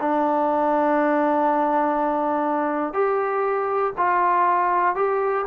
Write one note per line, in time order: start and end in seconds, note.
0.00 2.93 D4
2.93 3.93 G4
3.97 4.95 F4
4.95 5.45 G4